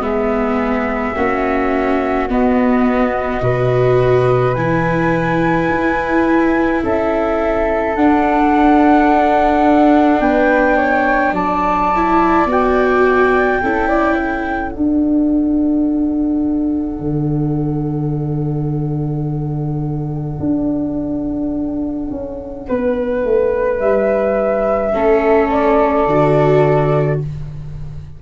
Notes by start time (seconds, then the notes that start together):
0.00 G#3 B3 G#4 E5
1.16 A#3 C#4 F#4
2.29 B3 D#5
3.41 B2 F#4 B4
4.55 E3 E4 G#5
5.70 E4
6.83 C#4 A4 E5
7.96 D4 F#5
10.21 B3 B4 G5
10.76 C#5
11.33 F#3 D5 A5
11.96 E4
12.46 B3 F#4 G5
13.63 C#4 E4 A4
13.88 D5
14.16 A4
14.71 D4 F#5
17.00 D3
20.40 D4
22.11 C#4
22.68 B3 B4
23.24 A3
23.80 G3 E5
24.93 A3 C#4 A4
25.50 D5
26.06 D3 F#4